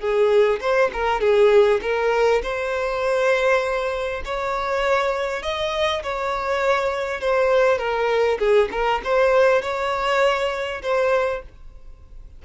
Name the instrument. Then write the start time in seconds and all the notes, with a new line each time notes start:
violin
0.00 G#4
0.61 C5
0.93 A#4
1.21 G#4
1.82 A#4
2.43 C5
4.25 C#5
5.43 D#5
6.03 C#5
7.21 C5
7.78 A#4
8.39 G#4
8.72 A#4
9.04 C5
9.62 C#5
10.82 C5